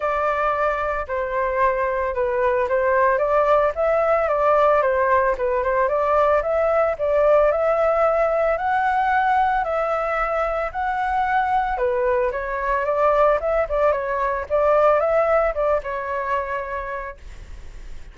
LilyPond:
\new Staff \with { instrumentName = "flute" } { \time 4/4 \tempo 4 = 112 d''2 c''2 | b'4 c''4 d''4 e''4 | d''4 c''4 b'8 c''8 d''4 | e''4 d''4 e''2 |
fis''2 e''2 | fis''2 b'4 cis''4 | d''4 e''8 d''8 cis''4 d''4 | e''4 d''8 cis''2~ cis''8 | }